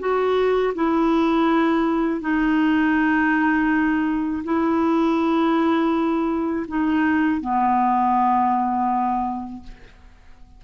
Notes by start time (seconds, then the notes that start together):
0.00 F#4
0.75 E4
2.21 D#4
4.44 E4
6.68 D#4
7.41 B3